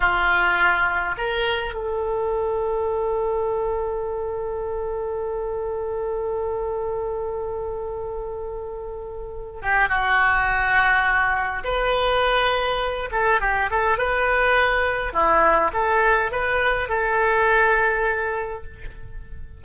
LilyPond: \new Staff \with { instrumentName = "oboe" } { \time 4/4 \tempo 4 = 103 f'2 ais'4 a'4~ | a'1~ | a'1~ | a'1~ |
a'8 g'8 fis'2. | b'2~ b'8 a'8 g'8 a'8 | b'2 e'4 a'4 | b'4 a'2. | }